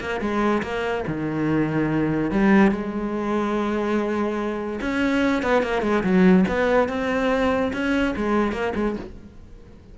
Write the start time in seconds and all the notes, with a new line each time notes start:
0.00 A#3
0.21 G#3
0.63 A#3
1.08 D#3
2.31 G3
2.71 G#3
4.81 C#4
5.43 B3
5.63 A#3
5.82 G#3
6.03 F#3
6.48 B3
6.88 C4
7.73 C#4
8.16 G#3
8.52 A#3
8.76 G#3